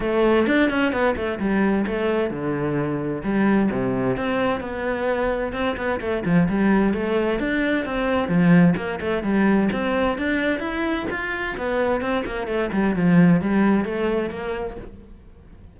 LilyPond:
\new Staff \with { instrumentName = "cello" } { \time 4/4 \tempo 4 = 130 a4 d'8 cis'8 b8 a8 g4 | a4 d2 g4 | c4 c'4 b2 | c'8 b8 a8 f8 g4 a4 |
d'4 c'4 f4 ais8 a8 | g4 c'4 d'4 e'4 | f'4 b4 c'8 ais8 a8 g8 | f4 g4 a4 ais4 | }